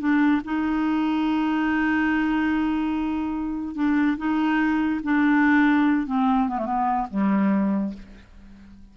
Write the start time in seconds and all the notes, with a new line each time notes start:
0.00 D4
0.45 D#4
3.75 D4
4.18 D#4
5.04 D4
6.07 C4
6.49 B3
6.58 A3
6.66 B3
7.11 G3